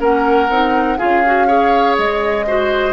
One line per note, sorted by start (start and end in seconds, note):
0.00 0.49 A#3
0.00 0.49 C#4
0.00 0.98 A#4
0.00 0.98 F#5
0.49 0.98 C4
0.49 0.99 D#4
0.98 1.98 C#4
0.98 1.23 F4
0.98 1.48 G#4
0.98 1.96 F5
1.26 1.48 F#4
1.48 2.46 G#4
1.48 2.46 C#5
1.98 2.93 G#3
1.98 2.93 D#5
2.47 2.93 F#4
2.47 2.93 C5